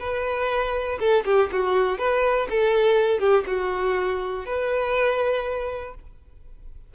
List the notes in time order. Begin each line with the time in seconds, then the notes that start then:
0.00 B4
1.00 A4
1.26 G4
1.52 F#4
1.99 B4
2.50 A4
3.20 G4
3.47 F#4
4.46 B4